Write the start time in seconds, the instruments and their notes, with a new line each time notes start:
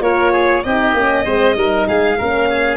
0.00 tuba A#3, horn F4, oboe A#4, violin C#5
0.32 oboe G#4
0.63 tuba C4, horn D#4, oboe G4, violin D#5
0.94 tuba A#3, horn C#4
1.24 tuba G#3, horn C4, oboe C5
1.55 tuba G3, horn D#4, oboe A#4
1.88 tuba G#3, oboe G#4, violin F5
2.18 tuba A#3, horn C#4, oboe A#4
2.49 oboe G#4